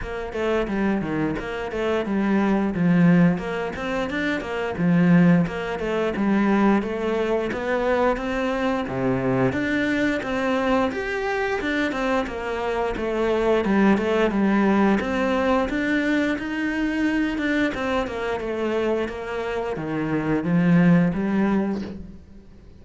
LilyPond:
\new Staff \with { instrumentName = "cello" } { \time 4/4 \tempo 4 = 88 ais8 a8 g8 dis8 ais8 a8 g4 | f4 ais8 c'8 d'8 ais8 f4 | ais8 a8 g4 a4 b4 | c'4 c4 d'4 c'4 |
g'4 d'8 c'8 ais4 a4 | g8 a8 g4 c'4 d'4 | dis'4. d'8 c'8 ais8 a4 | ais4 dis4 f4 g4 | }